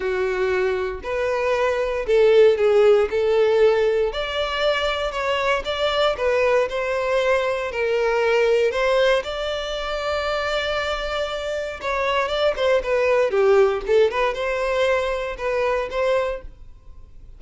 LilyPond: \new Staff \with { instrumentName = "violin" } { \time 4/4 \tempo 4 = 117 fis'2 b'2 | a'4 gis'4 a'2 | d''2 cis''4 d''4 | b'4 c''2 ais'4~ |
ais'4 c''4 d''2~ | d''2. cis''4 | d''8 c''8 b'4 g'4 a'8 b'8 | c''2 b'4 c''4 | }